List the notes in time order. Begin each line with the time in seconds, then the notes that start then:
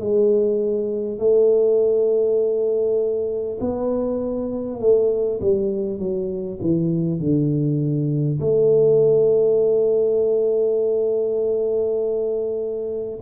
0.00 G#3
1.19 A3
3.61 B3
4.81 A3
5.41 G3
5.99 F#3
6.62 E3
7.19 D3
8.41 A3